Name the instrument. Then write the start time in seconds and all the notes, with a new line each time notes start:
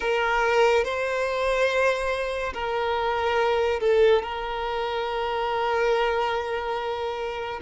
violin
0.00 A#4
0.84 C5
2.53 A#4
3.80 A4
4.22 A#4